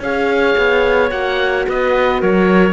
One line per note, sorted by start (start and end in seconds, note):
0.00 0.55 C#4
0.00 1.11 G#4
0.00 1.67 C#5
0.00 1.10 F5
0.57 1.11 B3
1.10 1.67 A#3
1.10 2.73 F#4
1.10 1.65 F#5
1.67 2.22 B3
1.67 2.21 B4
1.67 2.22 D#5
2.21 2.73 F#3
2.21 2.73 A#4
2.21 2.73 C#5